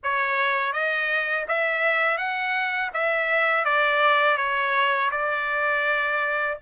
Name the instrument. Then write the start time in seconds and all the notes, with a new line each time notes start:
trumpet
0.03 C#5
0.73 D#5
1.48 E5
2.17 F#5
2.93 E5
3.64 D5
4.37 C#5
5.11 D5